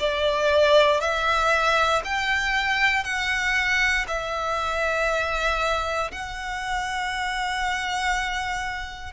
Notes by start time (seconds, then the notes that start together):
0.00 D5
1.01 E5
2.05 G5
3.05 F#5
4.08 E5
6.12 F#5